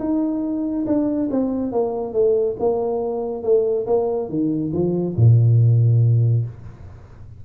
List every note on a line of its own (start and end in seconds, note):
0.00 0.86 D#4
0.87 1.30 D4
1.31 1.73 C4
1.73 2.14 A#3
2.14 2.56 A3
2.60 3.43 A#3
3.43 3.86 A3
3.87 4.30 A#3
4.30 4.72 D#3
4.73 5.16 F3
5.17 6.45 A#2